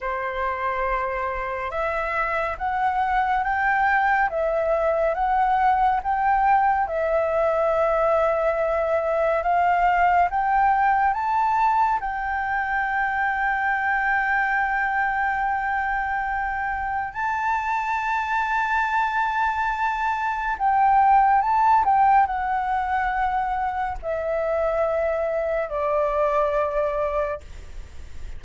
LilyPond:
\new Staff \with { instrumentName = "flute" } { \time 4/4 \tempo 4 = 70 c''2 e''4 fis''4 | g''4 e''4 fis''4 g''4 | e''2. f''4 | g''4 a''4 g''2~ |
g''1 | a''1 | g''4 a''8 g''8 fis''2 | e''2 d''2 | }